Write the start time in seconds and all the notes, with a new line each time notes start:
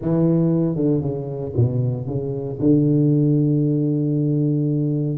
0.01 E3
0.75 D3
1.00 C#3
1.56 B2
2.06 C#3
2.59 D3